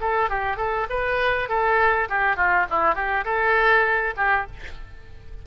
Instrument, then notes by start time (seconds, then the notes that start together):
oboe
0.00 A4
0.29 G4
0.56 A4
0.89 B4
1.49 A4
2.09 G4
2.36 F4
2.70 E4
2.94 G4
3.24 A4
4.16 G4